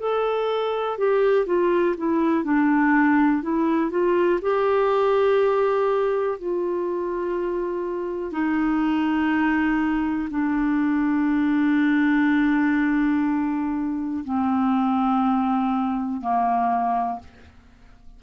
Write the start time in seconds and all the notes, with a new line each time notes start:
0.00 A4
0.98 G4
1.47 F4
1.98 E4
2.45 D4
3.43 E4
3.91 F4
4.42 G4
6.39 F4
8.32 D#4
10.31 D4
14.25 C4
16.21 A#3